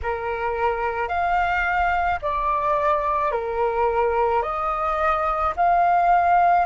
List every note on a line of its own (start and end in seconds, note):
0.02 1.08 A#4
1.08 2.19 F5
2.22 3.31 D5
3.31 4.42 A#4
4.42 5.53 D#5
5.56 6.66 F5